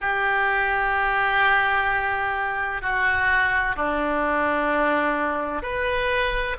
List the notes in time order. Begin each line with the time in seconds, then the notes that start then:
0.01 G4
2.81 F#4
3.76 D4
5.62 B4